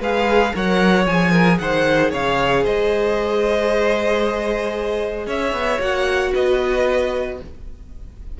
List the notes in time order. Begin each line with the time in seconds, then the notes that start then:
0.00 G#3 G#4 B4 F5
0.53 F#3 A#4 C#5 F#5
1.06 F3 G#4 G#5
1.31 A#4
1.58 D#3 C5 F#5
2.11 C#3 C#5 F5
2.63 G#3 C5 D#5
5.27 C#4 C#5 E5
5.52 B3
5.80 A#3 F#4 F#5
6.32 B3 B4 D#5